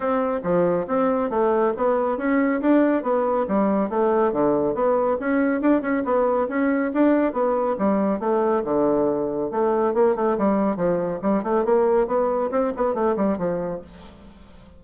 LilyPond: \new Staff \with { instrumentName = "bassoon" } { \time 4/4 \tempo 4 = 139 c'4 f4 c'4 a4 | b4 cis'4 d'4 b4 | g4 a4 d4 b4 | cis'4 d'8 cis'8 b4 cis'4 |
d'4 b4 g4 a4 | d2 a4 ais8 a8 | g4 f4 g8 a8 ais4 | b4 c'8 b8 a8 g8 f4 | }